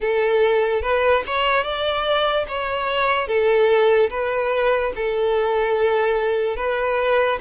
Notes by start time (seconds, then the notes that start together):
0.00 A4
0.81 B4
1.26 C#5
1.63 D5
2.47 C#5
3.27 A4
4.10 B4
4.95 A4
6.56 B4